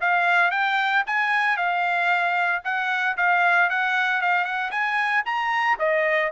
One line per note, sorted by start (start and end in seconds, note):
0.00 0.51 F5
0.51 1.03 G5
1.06 1.56 G#5
1.56 2.62 F5
2.64 3.17 F#5
3.17 3.69 F5
3.69 4.21 F#5
4.21 4.44 F5
4.44 4.70 F#5
4.71 5.23 G#5
5.25 5.78 A#5
5.79 6.31 D#5